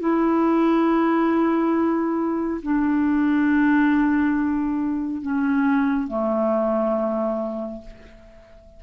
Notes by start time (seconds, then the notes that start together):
0.00 E4
2.62 D4
5.22 C#4
6.08 A3